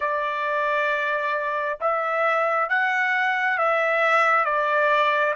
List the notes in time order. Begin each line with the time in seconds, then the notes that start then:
0.00 D5
1.80 E5
2.69 F#5
3.57 E5
4.44 D5